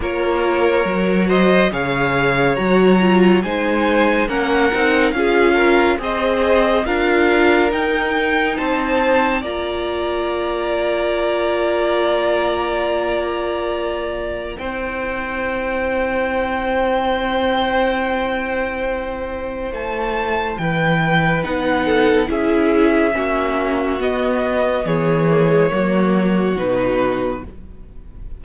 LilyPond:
<<
  \new Staff \with { instrumentName = "violin" } { \time 4/4 \tempo 4 = 70 cis''4. dis''8 f''4 ais''4 | gis''4 fis''4 f''4 dis''4 | f''4 g''4 a''4 ais''4~ | ais''1~ |
ais''4 g''2.~ | g''2. a''4 | g''4 fis''4 e''2 | dis''4 cis''2 b'4 | }
  \new Staff \with { instrumentName = "violin" } { \time 4/4 ais'4. c''8 cis''2 | c''4 ais'4 gis'8 ais'8 c''4 | ais'2 c''4 d''4~ | d''1~ |
d''4 c''2.~ | c''1 | b'4. a'8 gis'4 fis'4~ | fis'4 gis'4 fis'2 | }
  \new Staff \with { instrumentName = "viola" } { \time 4/4 f'4 fis'4 gis'4 fis'8 f'8 | dis'4 cis'8 dis'8 f'4 gis'4 | f'4 dis'2 f'4~ | f'1~ |
f'4 e'2.~ | e'1~ | e'4 dis'4 e'4 cis'4 | b4. ais16 gis16 ais4 dis'4 | }
  \new Staff \with { instrumentName = "cello" } { \time 4/4 ais4 fis4 cis4 fis4 | gis4 ais8 c'8 cis'4 c'4 | d'4 dis'4 c'4 ais4~ | ais1~ |
ais4 c'2.~ | c'2. a4 | e4 b4 cis'4 ais4 | b4 e4 fis4 b,4 | }
>>